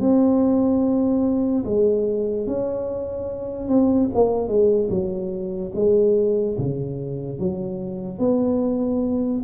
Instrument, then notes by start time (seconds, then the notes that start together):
tuba
0.00 C4
1.64 G#3
2.47 C#4
3.68 C4
4.14 A#3
4.48 G#3
4.90 F#3
5.75 G#3
6.58 C#3
7.39 F#3
8.19 B3